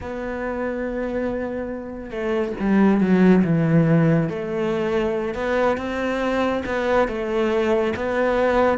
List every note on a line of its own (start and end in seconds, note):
0.00 2.10 B3
2.10 2.53 A3
2.59 3.00 G3
3.00 3.43 F#3
3.44 4.29 E3
4.29 5.34 A3
5.34 5.77 B3
5.77 6.63 C4
6.65 7.08 B3
7.08 7.93 A3
7.96 8.77 B3